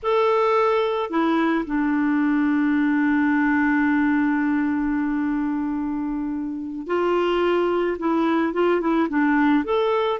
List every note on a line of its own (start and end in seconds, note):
0.03 1.10 A4
1.10 1.65 E4
1.65 6.87 D4
6.87 7.97 F4
7.98 8.53 E4
8.53 8.80 F4
8.80 9.08 E4
9.09 9.64 D4
9.64 10.19 A4